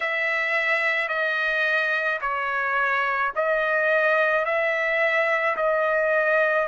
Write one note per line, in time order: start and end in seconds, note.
0.00 1.08 E5
1.08 2.19 D#5
2.21 3.32 C#5
3.35 4.44 D#5
4.44 5.56 E5
5.56 6.67 D#5